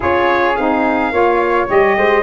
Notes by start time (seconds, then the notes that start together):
0.00 C#4 F4 G#4 C#5
0.56 C4 D#4 F5
1.12 A#3 F4 C#5
1.66 G3 G4 D#5
1.97 G#3 C5